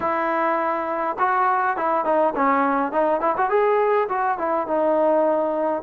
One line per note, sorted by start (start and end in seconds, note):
0.00 1.17 E4
1.19 1.76 F#4
1.76 2.04 E4
2.04 2.33 D#4
2.35 2.92 C#4
2.92 3.20 D#4
3.20 3.35 E4
3.37 3.50 F#4
3.50 4.08 G#4
4.08 4.37 F#4
4.37 4.67 E4
4.67 5.82 D#4